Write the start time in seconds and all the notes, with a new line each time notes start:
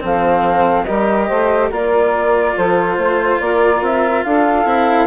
0.00 F3 C4 A4 F5
0.85 G3 G4 A#4 D#5
1.27 A3 C5
1.71 A#3 F4 A#4 D5
2.55 F3 A4 C5
2.97 A3 C5
3.40 A#3 A#4 D5
3.82 C4 E5
4.23 D4 A4 F5
4.65 C4 E4